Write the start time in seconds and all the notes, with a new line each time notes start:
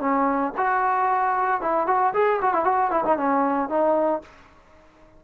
0.00 C#4
0.57 F#4
1.61 E4
1.87 F#4
2.13 G#4
2.41 F#4
2.53 E4
2.64 F#4
2.91 E4
3.05 D#4
3.17 C#4
3.69 D#4